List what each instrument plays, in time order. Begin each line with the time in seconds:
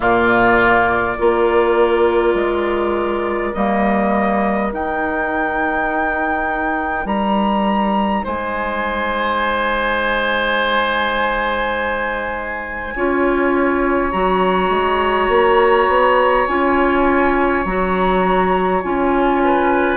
0.00 bassoon A#2, clarinet A#3, oboe F4, flute D5
1.17 bassoon A#3, clarinet F4, oboe A#4
2.34 bassoon G#3
3.53 bassoon G3, clarinet A#3, flute D#5
4.70 clarinet D#4, bassoon D#4, flute G5
7.05 bassoon G3, flute A#5
8.24 bassoon G#3, oboe C5, flute G#5
12.95 bassoon C#4, clarinet F4, oboe C#5
14.11 bassoon F#3, clarinet F#4, flute A#5
14.69 bassoon G#3
15.28 bassoon A#3
15.87 bassoon B3
16.47 bassoon C#4, clarinet F4, flute G#5
17.65 bassoon F#3, clarinet F#4, flute A#5
18.82 bassoon C#4, clarinet F4, flute G#5
19.44 oboe B4